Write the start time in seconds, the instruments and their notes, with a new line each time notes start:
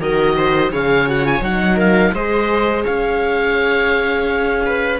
0.00 cello D#3, horn F#4, viola A#4, oboe D#5
0.37 viola C5
0.72 cello C#3, horn G#4, viola C#5, oboe F5
1.08 horn F#4, oboe F#5
1.22 horn F4, oboe G#5
1.41 cello F#3, horn D#4, oboe F#5
1.76 viola A#4, oboe F5
2.13 cello G#3, horn G#4, viola C5, oboe D#5
2.84 cello C#4, viola C#5, oboe F5
4.66 viola B4